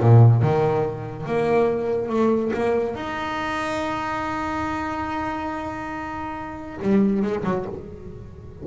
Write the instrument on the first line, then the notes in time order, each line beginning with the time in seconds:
double bass
0.00 A#2
0.42 D#3
1.26 A#3
2.09 A3
2.53 A#3
2.95 D#4
6.82 G3
7.22 G#3
7.44 F#3